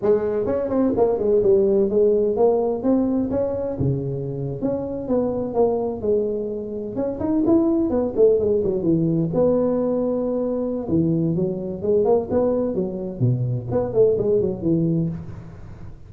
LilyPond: \new Staff \with { instrumentName = "tuba" } { \time 4/4 \tempo 4 = 127 gis4 cis'8 c'8 ais8 gis8 g4 | gis4 ais4 c'4 cis'4 | cis4.~ cis16 cis'4 b4 ais16~ | ais8. gis2 cis'8 dis'8 e'16~ |
e'8. b8 a8 gis8 fis8 e4 b16~ | b2. e4 | fis4 gis8 ais8 b4 fis4 | b,4 b8 a8 gis8 fis8 e4 | }